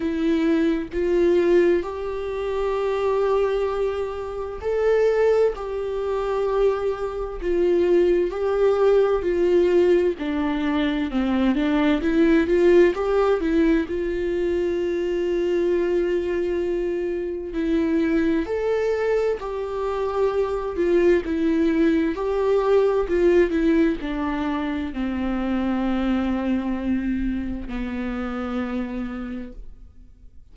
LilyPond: \new Staff \with { instrumentName = "viola" } { \time 4/4 \tempo 4 = 65 e'4 f'4 g'2~ | g'4 a'4 g'2 | f'4 g'4 f'4 d'4 | c'8 d'8 e'8 f'8 g'8 e'8 f'4~ |
f'2. e'4 | a'4 g'4. f'8 e'4 | g'4 f'8 e'8 d'4 c'4~ | c'2 b2 | }